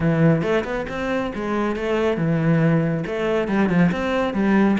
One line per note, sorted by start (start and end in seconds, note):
0.00 0.42 E3
0.42 0.64 A3
0.64 0.86 B3
0.89 1.32 C4
1.34 1.75 G#3
1.75 2.17 A3
2.17 3.04 E3
3.06 3.47 A3
3.47 3.69 G3
3.69 3.90 F3
3.91 4.33 C4
4.33 4.77 G3